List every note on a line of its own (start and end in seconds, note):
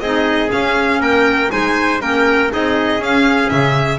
0.00 0.50 C4
0.00 0.49 D#4
0.00 1.01 G#4
0.00 0.50 D#5
0.49 1.49 C#4
0.49 1.00 C#4
0.49 1.02 F5
1.00 1.50 A#3
1.00 1.51 A#4
1.00 1.51 G5
1.50 2.01 G#3
1.50 2.00 D#4
1.50 2.02 C5
1.50 2.01 G#5
2.01 2.51 A#3
2.01 2.49 C#4
2.01 2.52 A#4
2.01 2.51 G5
2.49 3.00 C4
2.49 2.99 D#4
2.49 3.99 G#4
2.49 3.03 D#5
3.00 3.50 C#4
3.00 3.99 C#4
3.00 3.49 F5
3.49 3.99 C#3
3.49 3.99 E5